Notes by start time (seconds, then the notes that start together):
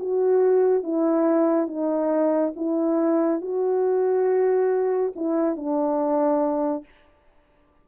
0.00 F#4
0.84 E4
1.68 D#4
2.57 E4
3.42 F#4
5.16 E4
5.56 D4